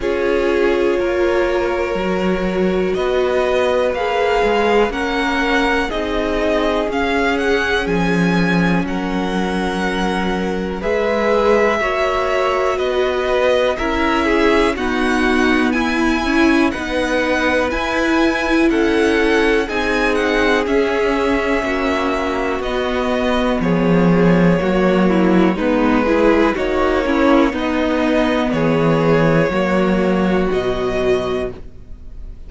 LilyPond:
<<
  \new Staff \with { instrumentName = "violin" } { \time 4/4 \tempo 4 = 61 cis''2. dis''4 | f''4 fis''4 dis''4 f''8 fis''8 | gis''4 fis''2 e''4~ | e''4 dis''4 e''4 fis''4 |
gis''4 fis''4 gis''4 fis''4 | gis''8 fis''8 e''2 dis''4 | cis''2 b'4 cis''4 | dis''4 cis''2 dis''4 | }
  \new Staff \with { instrumentName = "violin" } { \time 4/4 gis'4 ais'2 b'4~ | b'4 ais'4 gis'2~ | gis'4 ais'2 b'4 | cis''4 b'4 ais'8 gis'8 fis'4 |
e'4 b'2 a'4 | gis'2 fis'2 | gis'4 fis'8 e'8 dis'8 gis'8 fis'8 e'8 | dis'4 gis'4 fis'2 | }
  \new Staff \with { instrumentName = "viola" } { \time 4/4 f'2 fis'2 | gis'4 cis'4 dis'4 cis'4~ | cis'2. gis'4 | fis'2 e'4 b4~ |
b8 cis'8 dis'4 e'2 | dis'4 cis'2 b4~ | b4 ais4 b8 e'8 dis'8 cis'8 | b2 ais4 fis4 | }
  \new Staff \with { instrumentName = "cello" } { \time 4/4 cis'4 ais4 fis4 b4 | ais8 gis8 ais4 c'4 cis'4 | f4 fis2 gis4 | ais4 b4 cis'4 dis'4 |
e'4 b4 e'4 cis'4 | c'4 cis'4 ais4 b4 | f4 fis4 gis4 ais4 | b4 e4 fis4 b,4 | }
>>